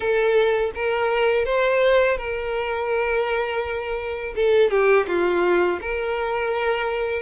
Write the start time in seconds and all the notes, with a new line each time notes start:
0.00 A4
0.75 A#4
1.45 C5
2.17 A#4
4.35 A4
4.70 G4
5.07 F4
5.81 A#4